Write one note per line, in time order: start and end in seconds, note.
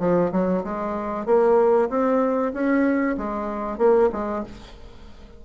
0.00 0.32 F3
0.32 0.64 F#3
0.64 1.26 G#3
1.26 1.89 A#3
1.90 2.53 C4
2.54 3.17 C#4
3.18 3.78 G#3
3.78 4.10 A#3
4.13 4.44 G#3